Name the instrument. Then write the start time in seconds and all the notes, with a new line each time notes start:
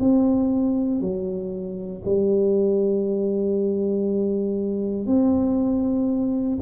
tuba
0.00 C4
1.01 F#3
2.06 G3
5.07 C4